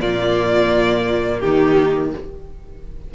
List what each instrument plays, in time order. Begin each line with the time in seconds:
0.00 cello A#2, viola A#3, violin F4 D5
1.39 cello D#3, violin D#4 G4